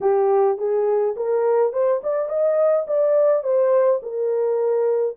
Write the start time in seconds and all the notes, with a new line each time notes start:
0.01 G4
0.57 G#4
1.16 A#4
1.72 C5
2.03 D5
2.29 D#5
2.87 D5
3.43 C5
4.02 A#4